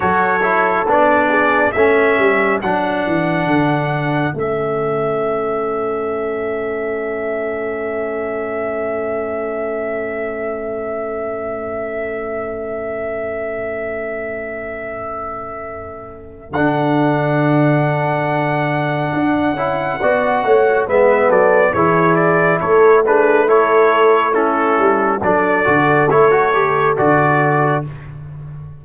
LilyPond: <<
  \new Staff \with { instrumentName = "trumpet" } { \time 4/4 \tempo 4 = 69 cis''4 d''4 e''4 fis''4~ | fis''4 e''2.~ | e''1~ | e''1~ |
e''2. fis''4~ | fis''1 | e''8 d''8 cis''8 d''8 cis''8 b'8 cis''4 | a'4 d''4 cis''4 d''4 | }
  \new Staff \with { instrumentName = "horn" } { \time 4/4 a'4. gis'8 a'2~ | a'1~ | a'1~ | a'1~ |
a'1~ | a'2. d''8 cis''8 | b'8 a'8 gis'4 a'8 gis'8 a'4 | e'4 a'2. | }
  \new Staff \with { instrumentName = "trombone" } { \time 4/4 fis'8 e'8 d'4 cis'4 d'4~ | d'4 cis'2.~ | cis'1~ | cis'1~ |
cis'2. d'4~ | d'2~ d'8 e'8 fis'4 | b4 e'4. d'8 e'4 | cis'4 d'8 fis'8 e'16 fis'16 g'8 fis'4 | }
  \new Staff \with { instrumentName = "tuba" } { \time 4/4 fis4 b4 a8 g8 fis8 e8 | d4 a2.~ | a1~ | a1~ |
a2. d4~ | d2 d'8 cis'8 b8 a8 | gis8 fis8 e4 a2~ | a8 g8 fis8 d8 a4 d4 | }
>>